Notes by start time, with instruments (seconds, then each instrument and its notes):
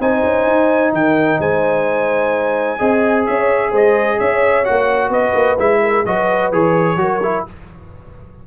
0.00 tuba C4, trombone D#4, horn C5, trumpet G#5
0.24 tuba C#4
0.47 tuba D#4
0.92 tuba D#3, horn A#4, trumpet G5
1.40 tuba G#3, horn C5, trumpet G#5
2.79 tuba C4, trombone G#4, horn D#5
3.26 tuba C#4, horn C#5, trumpet E5
3.71 tuba G#3, horn C5, trumpet D#5
4.18 tuba C#4, horn C#5, trumpet E5
4.65 tuba A#3, trombone F#4, trumpet F#5
5.09 tuba B3, horn B4, trumpet D#5
5.35 tuba A#3
5.59 tuba G#3, trombone E4, trumpet E5
5.82 horn A#4
6.05 tuba F#3, trombone F#4, horn B4, trumpet D#5
6.52 tuba E3, trombone G#4, trumpet C#5
6.96 tuba F#3, trombone F#4, horn A#4
7.23 trombone E4